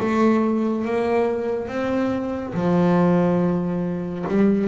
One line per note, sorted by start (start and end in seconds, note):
0.00 0.85 A3
0.85 1.68 A#3
1.68 2.54 C4
2.54 4.25 F3
4.29 4.68 G3